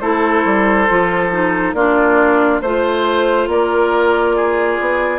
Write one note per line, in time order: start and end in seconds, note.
0.00 0.45 A3
0.00 0.88 E4
0.00 1.76 A4
0.00 1.74 C5
0.45 0.89 G3
0.89 1.74 F3
0.89 1.32 F4
1.32 1.75 D#4
1.74 2.61 A#3
1.74 2.64 D4
1.74 2.62 F4
1.74 2.61 D5
2.62 3.48 A3
2.62 5.20 F4
2.62 3.49 C5
3.48 4.78 A#3
3.48 4.36 A#4
3.48 5.20 D5
4.36 5.20 G#4
4.81 5.20 B3